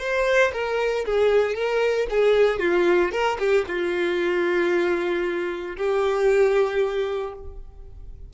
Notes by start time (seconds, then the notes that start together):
0.00 C5
0.53 A#4
1.06 G#4
1.55 A#4
2.10 G#4
2.60 F4
3.12 A#4
3.39 G4
3.68 F4
5.77 G4